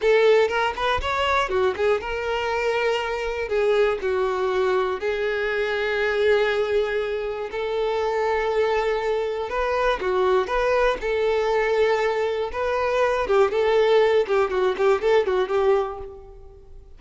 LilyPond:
\new Staff \with { instrumentName = "violin" } { \time 4/4 \tempo 4 = 120 a'4 ais'8 b'8 cis''4 fis'8 gis'8 | ais'2. gis'4 | fis'2 gis'2~ | gis'2. a'4~ |
a'2. b'4 | fis'4 b'4 a'2~ | a'4 b'4. g'8 a'4~ | a'8 g'8 fis'8 g'8 a'8 fis'8 g'4 | }